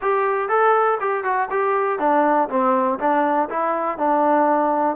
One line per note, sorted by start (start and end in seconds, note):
0.01 0.48 G4
0.48 0.98 A4
1.00 1.24 G4
1.24 1.48 F#4
1.50 1.99 G4
1.99 2.48 D4
2.49 2.98 C4
2.99 3.48 D4
3.49 3.98 E4
3.98 4.96 D4